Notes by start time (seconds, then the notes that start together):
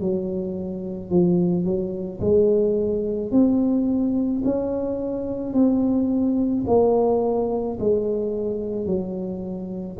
0.00 F#3
1.11 F3
1.65 F#3
2.20 G#3
3.31 C4
4.44 C#4
5.54 C4
6.67 A#3
7.80 G#3
8.86 F#3